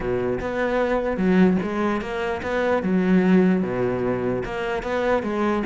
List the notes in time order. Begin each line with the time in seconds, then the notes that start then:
0.00 B2
0.40 B3
1.17 F#3
1.62 G#3
2.01 A#3
2.42 B3
2.83 F#3
3.62 B2
4.45 A#3
4.82 B3
5.23 G#3